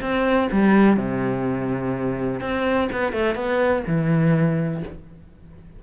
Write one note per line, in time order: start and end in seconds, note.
0.00 0.48 C4
0.51 0.96 G3
0.96 2.40 C3
2.40 2.88 C4
2.92 3.12 B3
3.12 3.35 A3
3.35 3.83 B3
3.87 4.83 E3